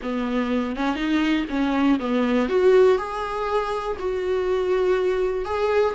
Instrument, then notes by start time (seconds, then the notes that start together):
viola
0.02 B3
0.76 C#4
0.95 D#4
1.49 C#4
1.99 B3
2.48 F#4
2.98 G#4
3.99 F#4
5.45 G#4